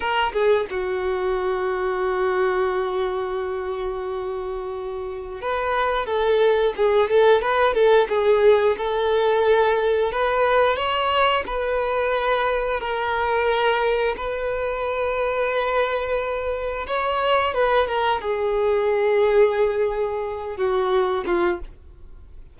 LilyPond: \new Staff \with { instrumentName = "violin" } { \time 4/4 \tempo 4 = 89 ais'8 gis'8 fis'2.~ | fis'1 | b'4 a'4 gis'8 a'8 b'8 a'8 | gis'4 a'2 b'4 |
cis''4 b'2 ais'4~ | ais'4 b'2.~ | b'4 cis''4 b'8 ais'8 gis'4~ | gis'2~ gis'8 fis'4 f'8 | }